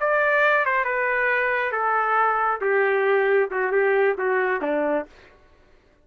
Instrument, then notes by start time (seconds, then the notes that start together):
trumpet
0.00 D5
0.65 C5
0.85 B4
1.72 A4
2.61 G4
3.50 F#4
3.72 G4
4.18 F#4
4.61 D4